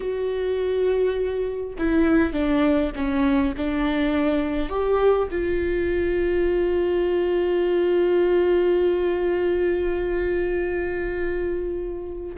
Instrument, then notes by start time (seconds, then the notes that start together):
viola
0.00 F#4
1.78 E4
2.33 D4
2.95 C#4
3.57 D4
4.69 G4
5.30 F4